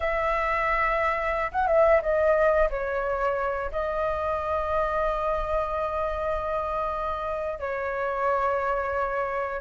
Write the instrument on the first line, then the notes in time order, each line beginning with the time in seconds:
flute
0.00 E5
1.51 F#5
1.67 E5
2.02 D#5
2.70 C#5
3.71 D#5
7.59 C#5